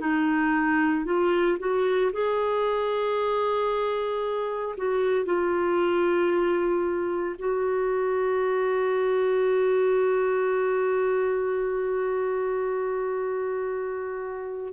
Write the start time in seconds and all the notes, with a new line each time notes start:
0.00 D#4
1.05 F4
1.59 F#4
2.12 G#4
4.77 F#4
5.25 F4
7.38 F#4